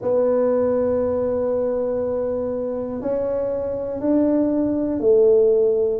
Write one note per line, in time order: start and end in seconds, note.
0.01 3.01 B3
3.01 4.00 C#4
4.00 5.00 D4
5.00 6.00 A3